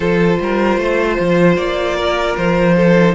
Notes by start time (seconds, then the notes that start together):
0.00 F3 F4 A4 C5
0.40 G3 A#4
0.77 A3 C5
1.19 F3
1.57 A#3 D5
1.96 A#4
2.36 F3 C5
2.76 A4
2.96 D#4